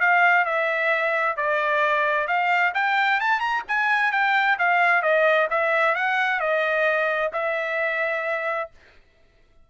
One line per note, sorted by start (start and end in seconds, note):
0.00 0.45 F5
0.45 1.37 E5
1.37 2.27 D5
2.27 2.73 F5
2.74 3.20 G5
3.20 3.40 A5
3.40 3.62 A#5
3.68 4.11 G#5
4.11 4.57 G5
4.58 5.02 F5
5.02 5.48 D#5
5.50 5.95 E5
5.95 6.40 F#5
6.40 7.31 D#5
7.32 8.70 E5